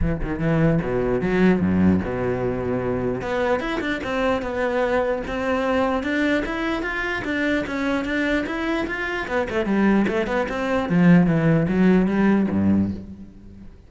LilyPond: \new Staff \with { instrumentName = "cello" } { \time 4/4 \tempo 4 = 149 e8 dis8 e4 b,4 fis4 | fis,4 b,2. | b4 e'8 d'8 c'4 b4~ | b4 c'2 d'4 |
e'4 f'4 d'4 cis'4 | d'4 e'4 f'4 b8 a8 | g4 a8 b8 c'4 f4 | e4 fis4 g4 g,4 | }